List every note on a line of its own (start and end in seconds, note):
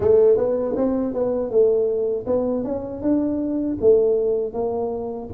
0.00 0.37 A3
0.37 0.75 B3
0.76 1.13 C4
1.13 1.50 B3
1.50 2.26 A3
2.26 2.64 B3
2.64 3.02 C#4
3.02 3.78 D4
3.80 4.53 A3
4.53 5.29 A#3